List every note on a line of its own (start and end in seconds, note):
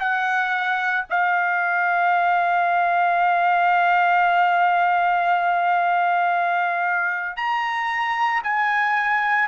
0.00 1.05 F#5
1.10 7.36 F5
7.36 8.42 A#5
8.44 9.48 G#5